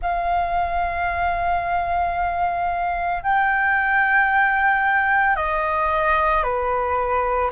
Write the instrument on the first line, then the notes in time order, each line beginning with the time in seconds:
flute
0.01 F5
3.23 G5
5.36 D#5
6.43 B4